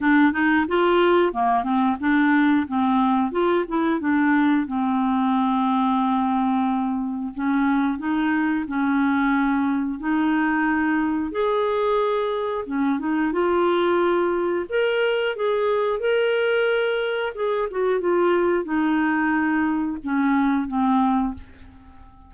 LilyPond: \new Staff \with { instrumentName = "clarinet" } { \time 4/4 \tempo 4 = 90 d'8 dis'8 f'4 ais8 c'8 d'4 | c'4 f'8 e'8 d'4 c'4~ | c'2. cis'4 | dis'4 cis'2 dis'4~ |
dis'4 gis'2 cis'8 dis'8 | f'2 ais'4 gis'4 | ais'2 gis'8 fis'8 f'4 | dis'2 cis'4 c'4 | }